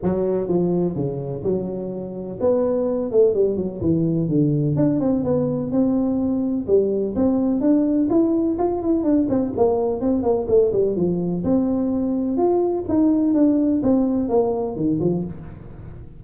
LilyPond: \new Staff \with { instrumentName = "tuba" } { \time 4/4 \tempo 4 = 126 fis4 f4 cis4 fis4~ | fis4 b4. a8 g8 fis8 | e4 d4 d'8 c'8 b4 | c'2 g4 c'4 |
d'4 e'4 f'8 e'8 d'8 c'8 | ais4 c'8 ais8 a8 g8 f4 | c'2 f'4 dis'4 | d'4 c'4 ais4 dis8 f8 | }